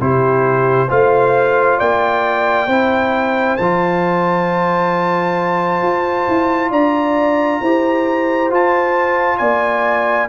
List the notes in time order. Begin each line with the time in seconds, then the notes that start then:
0.00 C3 E4 G4 C5
0.88 A3 F4 C5 F5
1.78 A#3 D5 G5
2.66 C4 E4 C5
3.57 F3 F4 A5
5.82 F4
6.28 E4
6.70 D4 D5 A#5
7.61 E4 G4 C5
8.50 F4 A5
9.37 A#3 D5 G#5